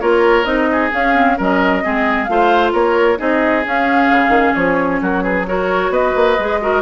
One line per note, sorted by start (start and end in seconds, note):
0.00 0.44 A#3
0.00 0.44 F4
0.00 0.69 A#4
0.00 0.44 C#5
0.44 0.90 C4
0.44 0.90 D#4
0.44 0.90 D#5
0.71 1.37 G#4
0.91 1.13 C#4
0.91 1.39 C#4
0.91 1.38 F5
1.13 1.36 C4
1.37 1.85 F#3
1.37 1.82 C#4
1.37 1.83 A#4
1.37 2.24 D#5
1.82 2.28 G#3
1.82 2.27 C4
1.82 2.29 G#4
2.24 2.73 A3
2.24 3.17 F4
2.24 2.69 F5
2.31 2.72 C5
2.72 3.18 A#3
2.72 3.18 A#4
2.72 3.19 C#5
3.17 3.65 C4
3.17 3.63 D#4
3.17 5.00 G#4
3.17 3.65 D#5
3.65 4.10 C#4
3.65 5.46 C#4
3.65 4.54 F5
4.11 4.28 C#3
4.28 4.51 D#3
4.54 5.01 F3
4.54 5.00 C#5
5.01 5.90 F#3
5.01 5.23 F#4
5.01 5.22 A#4
5.22 5.46 G#4
5.22 5.45 B4
5.46 6.37 F#4
5.46 5.92 A#4
5.46 5.92 C#5
5.90 6.12 B3
5.90 6.60 B4
5.90 6.82 D#5
6.15 6.38 A#3
6.38 6.82 G#3
6.38 6.61 G#4
6.61 6.82 F#4
6.61 6.82 A#4